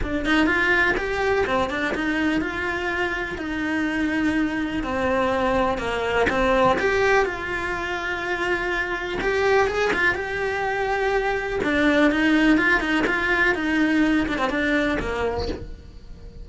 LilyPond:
\new Staff \with { instrumentName = "cello" } { \time 4/4 \tempo 4 = 124 d'8 dis'8 f'4 g'4 c'8 d'8 | dis'4 f'2 dis'4~ | dis'2 c'2 | ais4 c'4 g'4 f'4~ |
f'2. g'4 | gis'8 f'8 g'2. | d'4 dis'4 f'8 dis'8 f'4 | dis'4. d'16 c'16 d'4 ais4 | }